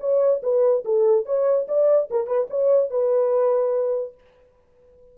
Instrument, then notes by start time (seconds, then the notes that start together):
horn
0.00 C#5
0.43 B4
0.85 A4
1.25 C#5
1.68 D5
2.10 A#4
2.27 B4
2.50 C#5
2.90 B4